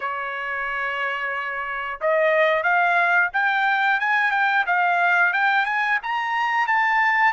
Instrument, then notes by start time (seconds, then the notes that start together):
trumpet
0.00 C#5
2.00 D#5
2.63 F5
3.33 G5
4.00 G#5
4.31 G5
4.66 F5
5.33 G5
5.65 G#5
6.02 A#5
6.67 A5